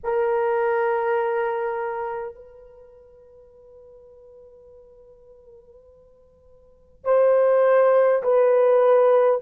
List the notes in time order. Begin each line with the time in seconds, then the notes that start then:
0.03 A#4
2.35 B4
7.04 C5
8.22 B4